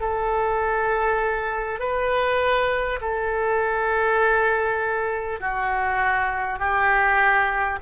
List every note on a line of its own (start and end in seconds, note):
0.00 1.79 A4
1.79 2.99 B4
3.01 5.40 A4
5.40 6.59 F#4
6.59 7.79 G4